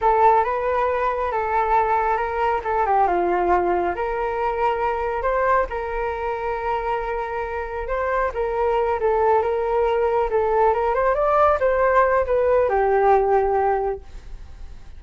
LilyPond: \new Staff \with { instrumentName = "flute" } { \time 4/4 \tempo 4 = 137 a'4 b'2 a'4~ | a'4 ais'4 a'8 g'8 f'4~ | f'4 ais'2. | c''4 ais'2.~ |
ais'2 c''4 ais'4~ | ais'8 a'4 ais'2 a'8~ | a'8 ais'8 c''8 d''4 c''4. | b'4 g'2. | }